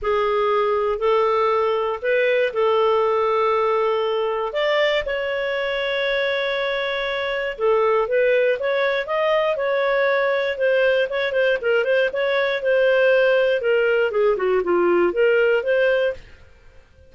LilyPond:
\new Staff \with { instrumentName = "clarinet" } { \time 4/4 \tempo 4 = 119 gis'2 a'2 | b'4 a'2.~ | a'4 d''4 cis''2~ | cis''2. a'4 |
b'4 cis''4 dis''4 cis''4~ | cis''4 c''4 cis''8 c''8 ais'8 c''8 | cis''4 c''2 ais'4 | gis'8 fis'8 f'4 ais'4 c''4 | }